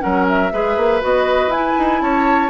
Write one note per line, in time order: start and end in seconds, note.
0.00 0.53 F#3
0.00 0.50 C#4
0.00 0.53 A#4
0.00 0.26 F#5
0.29 1.04 E5
0.52 0.77 G#3
0.52 1.01 G#4
0.52 2.03 B4
0.77 1.02 A#3
1.01 1.47 B3
1.01 1.51 F#4
1.01 1.52 D#5
1.47 1.72 E4
1.47 2.02 G#5
1.54 2.50 E4
1.78 2.01 D#4
2.01 2.50 C#4
2.01 2.50 C#5
2.01 2.50 A5